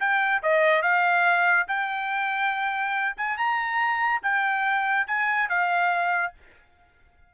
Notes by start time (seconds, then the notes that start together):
0.00 G5
0.43 D#5
0.82 F5
1.68 G5
3.17 G#5
3.37 A#5
4.23 G5
5.07 G#5
5.49 F5